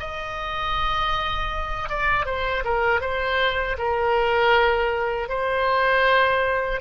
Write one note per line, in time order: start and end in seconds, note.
0.00 1.90 D#5
1.90 2.26 D5
2.26 2.64 C5
2.64 3.01 A#4
3.01 3.77 C5
3.78 5.29 A#4
5.29 6.81 C5